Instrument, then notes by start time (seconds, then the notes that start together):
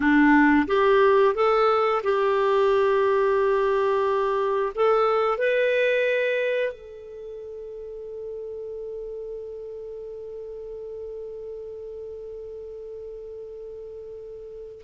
clarinet
0.00 D4
0.67 G4
1.34 A4
2.03 G4
4.75 A4
5.37 B4
6.72 A4